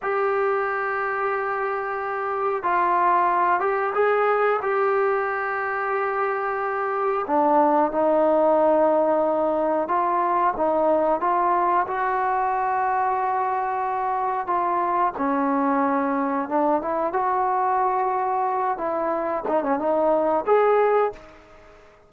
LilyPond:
\new Staff \with { instrumentName = "trombone" } { \time 4/4 \tempo 4 = 91 g'1 | f'4. g'8 gis'4 g'4~ | g'2. d'4 | dis'2. f'4 |
dis'4 f'4 fis'2~ | fis'2 f'4 cis'4~ | cis'4 d'8 e'8 fis'2~ | fis'8 e'4 dis'16 cis'16 dis'4 gis'4 | }